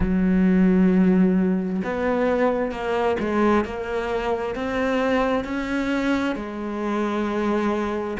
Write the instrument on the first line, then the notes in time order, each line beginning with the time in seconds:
cello
0.00 F#3
1.84 B3
2.71 A#3
3.19 G#3
3.64 A#3
4.55 C4
5.44 C#4
6.35 G#3